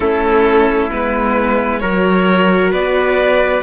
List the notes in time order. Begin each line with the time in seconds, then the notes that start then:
0.00 A3 C#4 E4 A4
0.90 G#3 B3 B4
1.79 F#3 F#4 A#4 C#5
2.71 B3 B4 D5